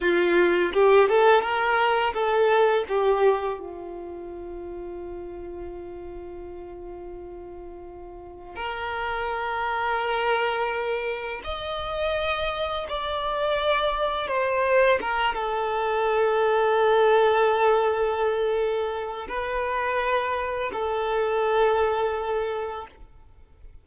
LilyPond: \new Staff \with { instrumentName = "violin" } { \time 4/4 \tempo 4 = 84 f'4 g'8 a'8 ais'4 a'4 | g'4 f'2.~ | f'1 | ais'1 |
dis''2 d''2 | c''4 ais'8 a'2~ a'8~ | a'2. b'4~ | b'4 a'2. | }